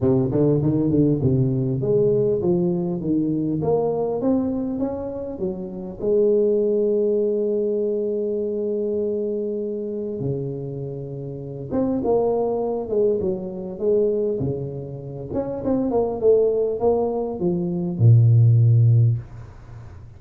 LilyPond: \new Staff \with { instrumentName = "tuba" } { \time 4/4 \tempo 4 = 100 c8 d8 dis8 d8 c4 gis4 | f4 dis4 ais4 c'4 | cis'4 fis4 gis2~ | gis1~ |
gis4 cis2~ cis8 c'8 | ais4. gis8 fis4 gis4 | cis4. cis'8 c'8 ais8 a4 | ais4 f4 ais,2 | }